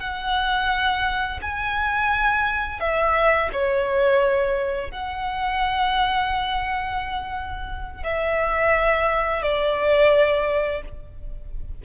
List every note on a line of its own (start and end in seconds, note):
0.00 1.40 F#5
1.42 2.80 G#5
2.80 3.50 E5
3.53 4.91 C#5
4.91 8.03 F#5
8.03 9.42 E5
9.42 10.82 D5